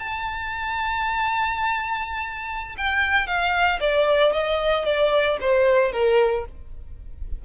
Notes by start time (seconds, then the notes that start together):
0.00 A5
2.78 G5
3.27 F5
3.81 D5
4.33 D#5
4.86 D5
5.41 C5
5.93 A#4